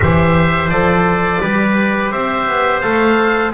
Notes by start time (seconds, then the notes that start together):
0.01 E3 G4 C5 E5
0.68 F3 A4 D5
1.41 G3 G4 B4
2.11 C4 C5 E5
2.47 B3
2.80 A3 A4 F5